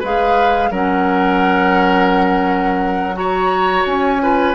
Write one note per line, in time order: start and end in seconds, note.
0.00 0.70 G#3
0.00 0.72 G#4
0.00 0.70 B4
0.00 0.72 F5
0.70 3.84 F#3
0.70 3.14 C#4
0.70 3.16 A#4
0.70 3.16 F#5
3.14 4.18 F#4
3.14 4.23 C#5
3.14 3.86 A#5
3.86 4.55 C#4
3.86 4.55 G#5
4.22 4.55 F4
4.22 4.55 B4